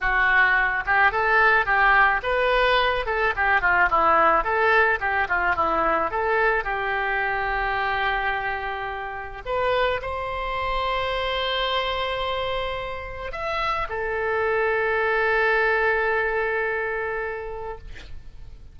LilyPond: \new Staff \with { instrumentName = "oboe" } { \time 4/4 \tempo 4 = 108 fis'4. g'8 a'4 g'4 | b'4. a'8 g'8 f'8 e'4 | a'4 g'8 f'8 e'4 a'4 | g'1~ |
g'4 b'4 c''2~ | c''1 | e''4 a'2.~ | a'1 | }